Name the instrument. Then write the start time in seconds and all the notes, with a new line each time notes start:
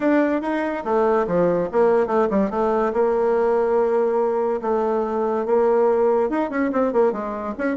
bassoon
0.00 D4
0.41 D#4
0.84 A3
1.27 F3
1.71 A#3
2.07 A3
2.30 G3
2.50 A3
2.93 A#3
4.61 A3
5.45 A#3
6.29 D#4
6.50 C#4
6.72 C4
6.92 A#3
7.12 G#3
7.57 C#4